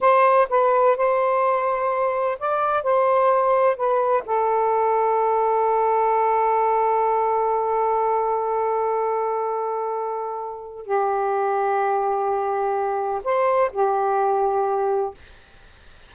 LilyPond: \new Staff \with { instrumentName = "saxophone" } { \time 4/4 \tempo 4 = 127 c''4 b'4 c''2~ | c''4 d''4 c''2 | b'4 a'2.~ | a'1~ |
a'1~ | a'2. g'4~ | g'1 | c''4 g'2. | }